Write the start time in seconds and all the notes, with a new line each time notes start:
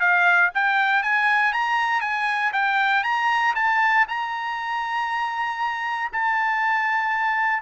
0.00 F5
0.54 G5
1.03 G#5
1.53 A#5
2.01 G#5
2.53 G5
3.04 A#5
3.55 A5
4.08 A#5
6.12 A5